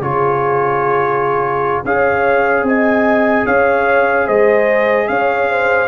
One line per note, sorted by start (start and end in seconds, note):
0.00 1.82 C#3
0.00 1.84 F4
0.00 1.83 G#4
0.00 1.84 C#5
1.84 2.62 C#4
1.84 5.87 G#4
1.84 2.66 C#5
1.84 2.66 F5
2.62 3.43 C4
2.62 3.45 D#5
2.62 3.46 G#5
3.45 4.27 C#4
3.45 4.25 C#5
3.45 4.27 F5
4.25 5.08 G#3
4.25 5.06 C5
4.25 5.07 D#5
5.07 5.87 C#4
5.07 5.49 C#5
5.07 5.87 F5
5.49 5.87 C5